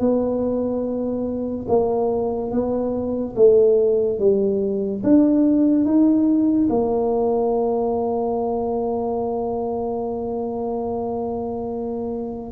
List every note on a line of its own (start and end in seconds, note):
0.00 1.67 B3
1.69 2.52 A#3
2.52 3.35 B3
3.36 4.19 A3
4.19 5.03 G3
5.04 5.85 D4
5.85 6.69 D#4
6.70 12.52 A#3